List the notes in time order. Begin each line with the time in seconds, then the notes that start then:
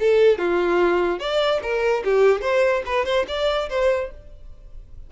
0.00 A4
0.38 F4
1.19 D5
1.63 A#4
2.04 G4
2.42 C5
2.86 B4
3.05 C5
3.28 D5
3.69 C5